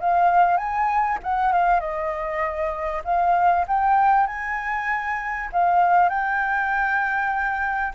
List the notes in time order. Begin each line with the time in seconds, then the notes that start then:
0.00 F5
0.57 G#5
1.23 F#5
1.52 F5
1.80 D#5
3.04 F5
3.68 G5
4.27 G#5
5.52 F5
6.09 G5